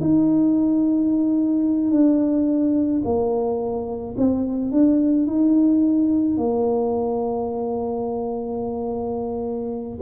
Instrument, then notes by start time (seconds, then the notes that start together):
tuba
0.00 D#4
1.91 D4
3.05 A#3
4.18 C4
4.72 D4
5.27 D#4
6.38 A#3